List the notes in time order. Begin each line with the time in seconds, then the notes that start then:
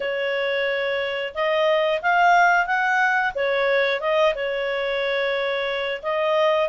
0.00 C#5
1.34 D#5
2.02 F5
2.66 F#5
3.34 C#5
4.00 D#5
4.35 C#5
6.02 D#5